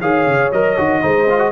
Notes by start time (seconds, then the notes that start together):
0.00 D#3 G#4 C#5 F5
0.26 C#3
0.52 F#3 A#4 D#5
0.77 D#3 F#4
1.01 G#3 D#4 C5
1.29 F4
1.38 F#4